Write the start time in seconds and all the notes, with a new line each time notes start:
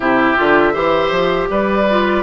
0.00 C3 E4 G4 E5
0.36 D3 F4
0.73 E3 G4 C5
1.11 F3
1.49 G3 B4 D5
1.90 F4